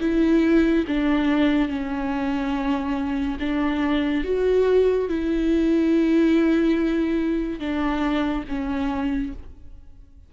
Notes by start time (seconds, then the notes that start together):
0.00 E4
0.87 D4
1.68 C#4
3.40 D4
4.24 F#4
5.09 E4
7.59 D4
8.48 C#4